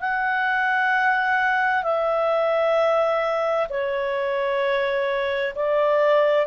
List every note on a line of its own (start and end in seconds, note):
0.00 1.83 F#5
1.83 3.67 E5
3.69 5.54 C#5
5.55 6.46 D5